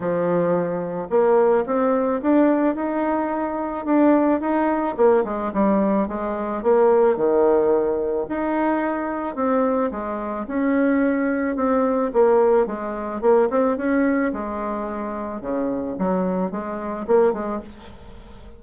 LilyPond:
\new Staff \with { instrumentName = "bassoon" } { \time 4/4 \tempo 4 = 109 f2 ais4 c'4 | d'4 dis'2 d'4 | dis'4 ais8 gis8 g4 gis4 | ais4 dis2 dis'4~ |
dis'4 c'4 gis4 cis'4~ | cis'4 c'4 ais4 gis4 | ais8 c'8 cis'4 gis2 | cis4 fis4 gis4 ais8 gis8 | }